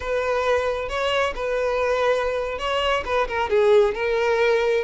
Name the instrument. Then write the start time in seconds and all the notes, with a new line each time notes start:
violin
0.00 B4
0.88 C#5
1.35 B4
2.58 C#5
3.05 B4
3.27 A#4
3.49 G#4
3.94 A#4